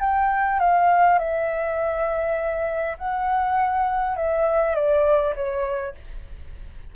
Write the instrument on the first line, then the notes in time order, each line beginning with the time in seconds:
flute
0.00 G5
0.59 F5
1.19 E5
2.98 F#5
4.16 E5
4.75 D5
5.35 C#5